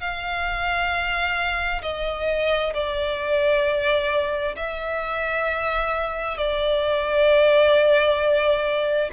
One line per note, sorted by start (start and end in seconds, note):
0.00 1.82 F5
1.82 2.73 D#5
2.74 4.55 D5
4.56 6.37 E5
6.37 9.10 D5